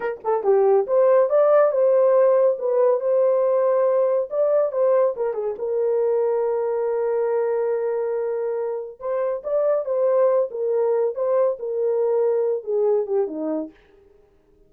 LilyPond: \new Staff \with { instrumentName = "horn" } { \time 4/4 \tempo 4 = 140 ais'8 a'8 g'4 c''4 d''4 | c''2 b'4 c''4~ | c''2 d''4 c''4 | ais'8 gis'8 ais'2.~ |
ais'1~ | ais'4 c''4 d''4 c''4~ | c''8 ais'4. c''4 ais'4~ | ais'4. gis'4 g'8 dis'4 | }